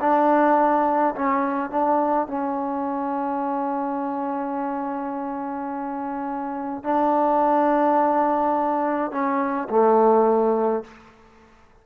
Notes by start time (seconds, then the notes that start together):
0.00 D4
1.15 C#4
1.70 D4
2.27 C#4
6.83 D4
9.11 C#4
9.69 A3